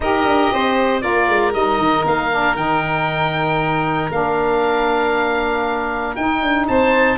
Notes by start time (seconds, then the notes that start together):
0.00 D#4 G4 A#4 D#5
0.24 D4
0.52 C4 C5
1.00 A#3 F4 A#4 D5
1.28 G#3
1.53 G3 D#4 D#5
1.78 D#3
2.06 A#3 F5
2.30 D4
2.55 D#3 D#4 G5
4.10 A#3 D4 F5
6.15 D#4 G5
6.42 D4
6.67 C4 C5 A5